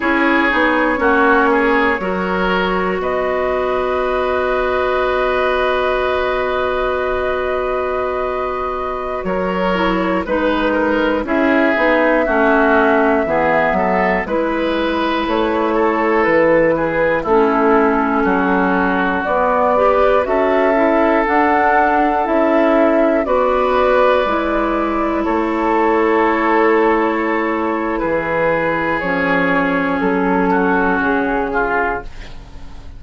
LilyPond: <<
  \new Staff \with { instrumentName = "flute" } { \time 4/4 \tempo 4 = 60 cis''2. dis''4~ | dis''1~ | dis''4~ dis''16 cis''4 b'4 e''8.~ | e''2~ e''16 b'4 cis''8.~ |
cis''16 b'4 a'2 d''8.~ | d''16 e''4 fis''4 e''4 d''8.~ | d''4~ d''16 cis''2~ cis''8. | b'4 cis''4 a'4 gis'4 | }
  \new Staff \with { instrumentName = "oboe" } { \time 4/4 gis'4 fis'8 gis'8 ais'4 b'4~ | b'1~ | b'4~ b'16 ais'4 b'8 ais'8 gis'8.~ | gis'16 fis'4 gis'8 a'8 b'4. a'16~ |
a'8. gis'8 e'4 fis'4. b'16~ | b'16 a'2. b'8.~ | b'4~ b'16 a'2~ a'8. | gis'2~ gis'8 fis'4 f'8 | }
  \new Staff \with { instrumentName = "clarinet" } { \time 4/4 e'8 dis'8 cis'4 fis'2~ | fis'1~ | fis'4.~ fis'16 e'8 dis'4 e'8 dis'16~ | dis'16 cis'4 b4 e'4.~ e'16~ |
e'4~ e'16 cis'2 b8 g'16~ | g'16 fis'8 e'8 d'4 e'4 fis'8.~ | fis'16 e'2.~ e'8.~ | e'4 cis'2. | }
  \new Staff \with { instrumentName = "bassoon" } { \time 4/4 cis'8 b8 ais4 fis4 b4~ | b1~ | b4~ b16 fis4 gis4 cis'8 b16~ | b16 a4 e8 fis8 gis4 a8.~ |
a16 e4 a4 fis4 b8.~ | b16 cis'4 d'4 cis'4 b8.~ | b16 gis4 a2~ a8. | e4 f4 fis4 cis4 | }
>>